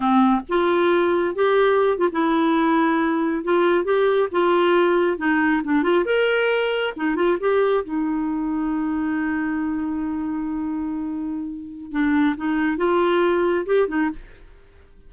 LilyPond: \new Staff \with { instrumentName = "clarinet" } { \time 4/4 \tempo 4 = 136 c'4 f'2 g'4~ | g'8 f'16 e'2. f'16~ | f'8. g'4 f'2 dis'16~ | dis'8. d'8 f'8 ais'2 dis'16~ |
dis'16 f'8 g'4 dis'2~ dis'16~ | dis'1~ | dis'2. d'4 | dis'4 f'2 g'8 dis'8 | }